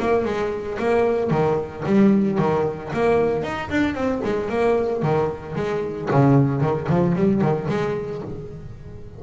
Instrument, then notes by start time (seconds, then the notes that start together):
double bass
0.00 A#3
0.26 G#3
0.79 A#3
1.31 D#3
1.86 G3
2.39 D#3
2.94 A#3
3.44 D#4
3.70 D4
3.95 C4
4.25 G#3
4.50 A#3
5.03 D#3
5.56 G#3
6.11 C#3
6.62 D#3
6.90 F3
7.16 G3
7.42 D#3
7.69 G#3